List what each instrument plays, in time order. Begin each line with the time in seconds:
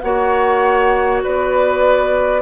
0.00 bassoon A#3, clarinet F#4, oboe C#5, flute F#5
1.23 bassoon B3, oboe B4, flute D5